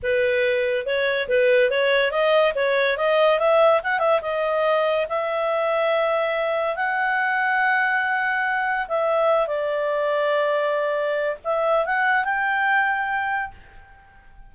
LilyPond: \new Staff \with { instrumentName = "clarinet" } { \time 4/4 \tempo 4 = 142 b'2 cis''4 b'4 | cis''4 dis''4 cis''4 dis''4 | e''4 fis''8 e''8 dis''2 | e''1 |
fis''1~ | fis''4 e''4. d''4.~ | d''2. e''4 | fis''4 g''2. | }